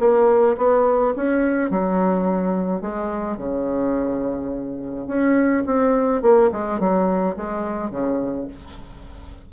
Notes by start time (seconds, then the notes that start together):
0.00 A#3
0.58 B3
1.17 C#4
1.71 F#3
2.81 G#3
3.38 C#3
5.08 C#4
5.66 C4
6.22 A#3
6.52 G#3
6.80 F#3
7.37 G#3
7.91 C#3